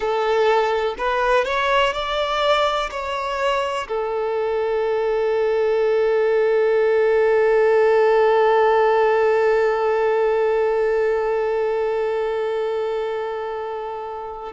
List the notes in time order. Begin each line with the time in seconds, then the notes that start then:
0.00 A4
0.98 B4
1.45 C#5
1.93 D5
2.90 C#5
3.88 A4